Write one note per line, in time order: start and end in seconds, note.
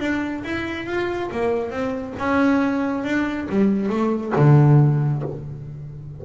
0.00 0.43 D4
0.44 0.86 E4
0.86 1.30 F4
1.32 1.71 A#3
1.71 2.14 C4
2.19 3.04 C#4
3.04 3.48 D4
3.50 3.90 G3
3.90 4.33 A3
4.36 5.23 D3